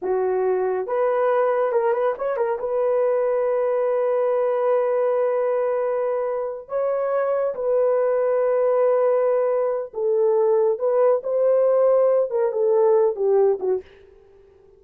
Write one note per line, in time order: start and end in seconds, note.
0.01 0.87 F#4
0.87 1.71 B4
1.71 1.92 A#4
1.92 2.14 B4
2.17 2.37 C#5
2.37 2.58 A#4
2.59 6.68 B4
6.68 7.54 C#5
7.54 9.92 B4
9.93 10.78 A4
10.78 11.21 B4
11.23 12.30 C5
12.30 12.52 A#4
12.52 13.15 A4
13.15 13.59 G4
13.59 13.81 F#4